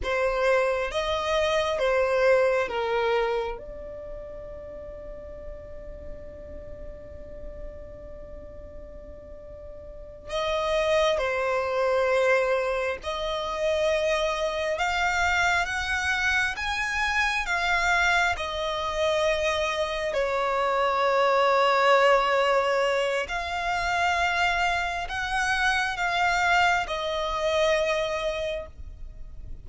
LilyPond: \new Staff \with { instrumentName = "violin" } { \time 4/4 \tempo 4 = 67 c''4 dis''4 c''4 ais'4 | d''1~ | d''2.~ d''8 dis''8~ | dis''8 c''2 dis''4.~ |
dis''8 f''4 fis''4 gis''4 f''8~ | f''8 dis''2 cis''4.~ | cis''2 f''2 | fis''4 f''4 dis''2 | }